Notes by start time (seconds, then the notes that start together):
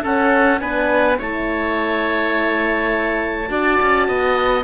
0.00 C#4 A4 F#5
0.59 B3 D4 B4 G#5
1.18 A3 E4 C#5 A5
3.48 D4 F#4 D5
3.82 C#4
4.07 B3 D#5